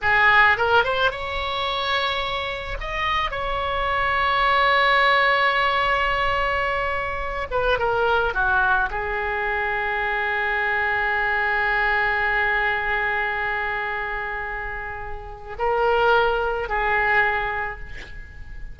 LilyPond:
\new Staff \with { instrumentName = "oboe" } { \time 4/4 \tempo 4 = 108 gis'4 ais'8 c''8 cis''2~ | cis''4 dis''4 cis''2~ | cis''1~ | cis''4. b'8 ais'4 fis'4 |
gis'1~ | gis'1~ | gis'1 | ais'2 gis'2 | }